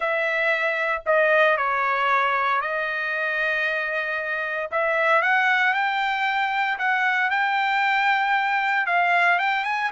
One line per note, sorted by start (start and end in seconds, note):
0.00 1.02 E5
1.06 1.57 D#5
1.57 2.61 C#5
2.61 4.70 D#5
4.71 5.22 E5
5.22 5.73 F#5
5.73 6.78 G5
6.78 7.30 F#5
7.30 8.86 G5
8.86 9.38 F5
9.38 9.64 G5
9.64 9.90 G#5